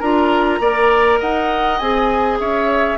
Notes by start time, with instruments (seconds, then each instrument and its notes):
0.00 bassoon D4, clarinet F4, oboe A#4, flute A#5
0.60 bassoon A#3, clarinet A#4, oboe D5
1.20 bassoon D#4, oboe D#5, flute F#5
1.79 bassoon C4, clarinet G#4, flute G#5
2.40 bassoon C#4, oboe C#5, flute E5